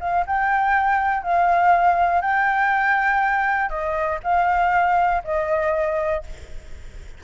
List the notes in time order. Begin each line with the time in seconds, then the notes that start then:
0.00 F5
0.26 G5
1.23 F5
2.21 G5
3.69 D#5
4.23 F5
5.24 D#5